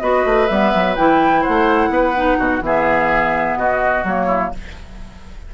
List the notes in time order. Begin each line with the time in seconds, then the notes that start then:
0.00 B3 F#4 B4 D#5
0.25 A3
0.47 G3 B3 E5
0.74 F#3
0.95 E3 E4 G5
1.41 C5 F#5
1.48 A3
1.89 B3 B4
2.15 D#4
2.38 B2 F#4
2.61 E3 B3 G#4 E5
3.56 B2 F#4 D#5
4.03 F#3 A#3 C#5
4.26 E4